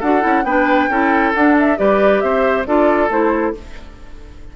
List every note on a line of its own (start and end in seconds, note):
0.00 0.24 D4
0.00 0.21 F#4
0.00 0.44 A4
0.00 0.45 F#5
0.21 0.44 C#4
0.21 0.43 E4
0.44 0.88 B3
0.44 0.91 D4
0.44 0.90 B4
0.44 1.33 G5
0.90 1.34 C#4
0.90 1.35 E4
0.90 1.79 A4
1.35 1.77 D4
1.35 1.80 D4
1.35 1.57 F#5
1.59 1.78 E5
1.77 2.23 G3
1.77 2.66 G4
1.77 2.24 B4
1.77 2.21 D5
2.21 2.67 C4
2.21 2.68 C5
2.21 2.65 E5
2.67 3.10 D4
2.67 3.10 F4
2.67 3.56 A4
2.67 3.11 D5
3.10 3.54 A3
3.10 3.54 E4
3.10 3.56 C5